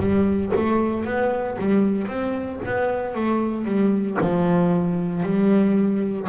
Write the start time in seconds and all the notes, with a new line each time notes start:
0.00 G3
0.56 A3
1.05 B3
1.58 G3
2.08 C4
2.66 B3
3.15 A3
3.65 G3
4.21 F3
5.23 G3